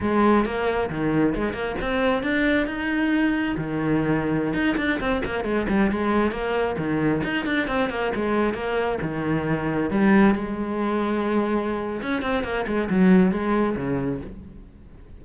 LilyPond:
\new Staff \with { instrumentName = "cello" } { \time 4/4 \tempo 4 = 135 gis4 ais4 dis4 gis8 ais8 | c'4 d'4 dis'2 | dis2~ dis16 dis'8 d'8 c'8 ais16~ | ais16 gis8 g8 gis4 ais4 dis8.~ |
dis16 dis'8 d'8 c'8 ais8 gis4 ais8.~ | ais16 dis2 g4 gis8.~ | gis2. cis'8 c'8 | ais8 gis8 fis4 gis4 cis4 | }